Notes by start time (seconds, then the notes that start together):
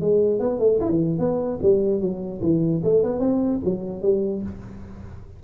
0.00 G#3
0.39 B3
0.59 A3
0.80 E4
0.89 E3
1.18 B3
1.62 G3
2.00 F#3
2.41 E3
2.83 A3
3.03 B3
3.19 C4
3.64 F#3
4.02 G3